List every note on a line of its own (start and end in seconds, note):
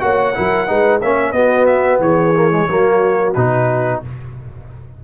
0.00 0.36 A#3
0.00 0.34 F#4
0.00 0.36 C#5
0.00 1.00 F#5
0.35 0.69 F#3
0.35 0.67 E4
0.35 0.68 A#4
0.67 1.03 G#3
0.67 1.00 D#4
0.67 1.00 B4
1.00 1.32 A#3
1.00 1.34 C#4
1.00 1.34 C#5
1.00 1.32 E5
1.32 1.99 B3
1.32 2.34 B3
1.32 2.01 F#4
1.32 1.66 D#5
1.66 1.99 E5
2.00 2.66 E3
2.00 2.68 G#4
2.00 3.34 C#5
2.35 2.51 A#3
2.51 2.68 G#3
2.68 3.35 F#3
2.68 3.35 A#3
2.68 4.03 F#4
3.34 4.03 B2
3.34 4.04 D#4
3.34 4.00 B4